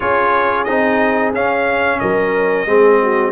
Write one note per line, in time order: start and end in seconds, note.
0.00 0.67 C#4
0.00 0.66 F4
0.00 1.98 G#4
0.00 0.64 C#5
0.64 1.33 C4
0.64 1.33 D#4
0.64 1.31 D#5
1.33 2.00 C#4
1.33 2.66 C#4
1.33 1.99 F5
1.99 2.65 F#3
1.99 2.67 A#4
1.99 3.31 D#5
2.65 3.31 G#3
2.65 3.31 C4
2.65 3.00 G#4
3.02 3.31 F#4